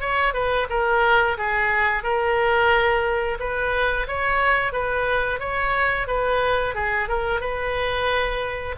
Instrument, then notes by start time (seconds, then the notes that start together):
oboe
0.00 C#5
0.33 B4
0.70 A#4
1.38 G#4
2.03 A#4
3.40 B4
4.07 C#5
4.72 B4
5.40 C#5
6.07 B4
6.75 G#4
7.08 A#4
7.40 B4